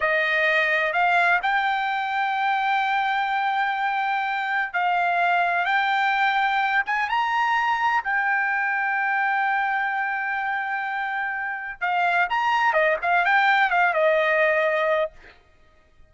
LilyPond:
\new Staff \with { instrumentName = "trumpet" } { \time 4/4 \tempo 4 = 127 dis''2 f''4 g''4~ | g''1~ | g''2 f''2 | g''2~ g''8 gis''8 ais''4~ |
ais''4 g''2.~ | g''1~ | g''4 f''4 ais''4 dis''8 f''8 | g''4 f''8 dis''2~ dis''8 | }